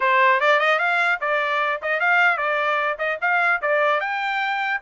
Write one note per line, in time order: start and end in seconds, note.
0.00 0.40 C5
0.40 0.59 D5
0.59 0.79 D#5
0.79 1.19 F5
1.20 1.80 D5
1.82 2.00 D#5
2.00 2.37 F5
2.37 2.97 D5
2.98 3.18 D#5
3.21 3.61 F5
3.61 4.00 D5
4.00 4.80 G5